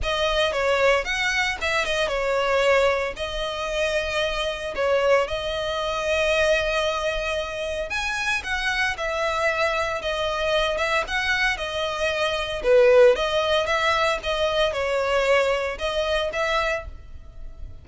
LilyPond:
\new Staff \with { instrumentName = "violin" } { \time 4/4 \tempo 4 = 114 dis''4 cis''4 fis''4 e''8 dis''8 | cis''2 dis''2~ | dis''4 cis''4 dis''2~ | dis''2. gis''4 |
fis''4 e''2 dis''4~ | dis''8 e''8 fis''4 dis''2 | b'4 dis''4 e''4 dis''4 | cis''2 dis''4 e''4 | }